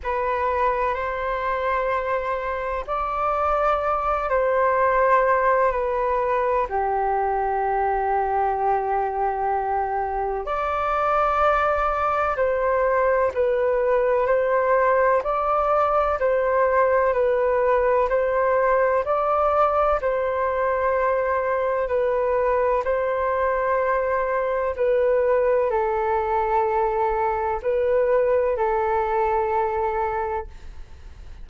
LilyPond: \new Staff \with { instrumentName = "flute" } { \time 4/4 \tempo 4 = 63 b'4 c''2 d''4~ | d''8 c''4. b'4 g'4~ | g'2. d''4~ | d''4 c''4 b'4 c''4 |
d''4 c''4 b'4 c''4 | d''4 c''2 b'4 | c''2 b'4 a'4~ | a'4 b'4 a'2 | }